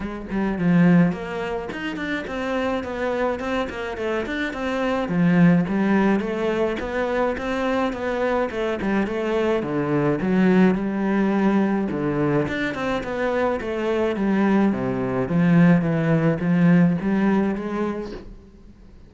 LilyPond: \new Staff \with { instrumentName = "cello" } { \time 4/4 \tempo 4 = 106 gis8 g8 f4 ais4 dis'8 d'8 | c'4 b4 c'8 ais8 a8 d'8 | c'4 f4 g4 a4 | b4 c'4 b4 a8 g8 |
a4 d4 fis4 g4~ | g4 d4 d'8 c'8 b4 | a4 g4 c4 f4 | e4 f4 g4 gis4 | }